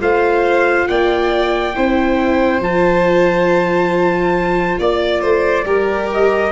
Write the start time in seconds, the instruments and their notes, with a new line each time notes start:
0.00 tuba A3, viola F4, violin C5, trumpet F5
0.87 tuba A#3, violin D5, trumpet G5
1.75 tuba C4, viola E4, violin C5
2.60 tuba F3, viola F4, trumpet A5
4.79 tuba A#3, violin D5, trumpet D5
5.21 tuba A3, violin C5
5.64 tuba G3, viola G4, violin A#4
6.14 trumpet D#5